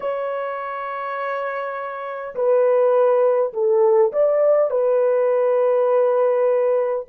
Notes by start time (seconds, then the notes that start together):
0.00 C#5
2.35 B4
3.53 A4
4.12 D5
4.70 B4